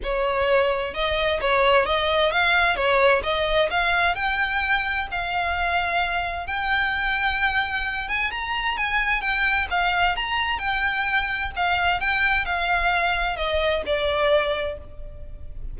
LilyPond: \new Staff \with { instrumentName = "violin" } { \time 4/4 \tempo 4 = 130 cis''2 dis''4 cis''4 | dis''4 f''4 cis''4 dis''4 | f''4 g''2 f''4~ | f''2 g''2~ |
g''4. gis''8 ais''4 gis''4 | g''4 f''4 ais''4 g''4~ | g''4 f''4 g''4 f''4~ | f''4 dis''4 d''2 | }